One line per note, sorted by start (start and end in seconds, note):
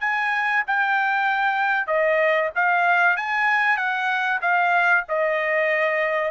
0.00 0.63 G#5
0.67 1.87 G5
1.87 2.50 D#5
2.55 3.16 F5
3.16 3.77 G#5
3.77 4.40 F#5
4.41 5.04 F5
5.08 6.31 D#5